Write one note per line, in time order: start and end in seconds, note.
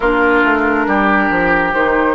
0.00 0.43 A#3
0.00 1.75 D4
0.00 0.85 F4
0.00 1.72 A#4
0.43 0.87 A3
0.87 1.30 G3
0.87 2.15 G4
1.30 1.73 F3
1.73 2.15 D#3
1.73 2.15 D#4
1.73 2.15 C5